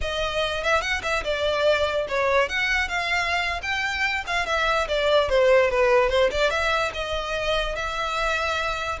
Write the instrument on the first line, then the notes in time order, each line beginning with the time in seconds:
violin
0.01 D#5
0.63 E5
0.81 F#5
1.03 E5
1.24 D5
2.08 C#5
2.48 F#5
2.88 F5
3.62 G5
4.27 F5
4.46 E5
4.88 D5
5.29 C5
5.70 B4
6.09 C5
6.31 D5
6.50 E5
6.94 D#5
7.75 E5